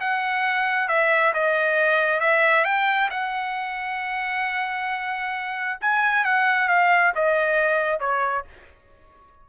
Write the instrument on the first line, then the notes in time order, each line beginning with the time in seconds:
trumpet
0.00 F#5
0.88 E5
1.34 D#5
2.20 E5
2.65 G5
3.10 F#5
5.81 G#5
6.24 F#5
6.68 F5
7.15 D#5
7.99 C#5